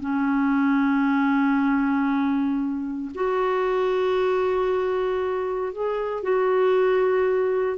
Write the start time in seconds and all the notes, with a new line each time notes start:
0.00 C#4
3.14 F#4
5.72 G#4
6.23 F#4